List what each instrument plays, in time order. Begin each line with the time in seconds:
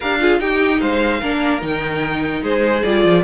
0.00 cello D4, viola G4, violin A#4 F5
0.20 viola F4, violin G#4
0.39 cello D#4, viola D#4, violin G4 G5
0.80 cello G#3, violin C5 F5
1.20 cello A#3, viola D4, violin A#4
1.61 cello D#3, viola D#4, violin G5
2.42 cello G#3, violin G#4 C5
2.83 cello G3, viola F4, violin D5
3.04 cello F3